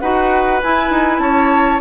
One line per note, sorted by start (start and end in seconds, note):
0.00 0.63 D#4
0.00 0.62 F#4
0.00 1.22 B4
0.00 0.61 F#5
0.62 1.81 E4
0.62 0.91 E4
0.62 1.19 G#5
0.91 1.19 D#4
1.19 1.80 C#4
1.19 1.81 C#5
1.19 1.80 A5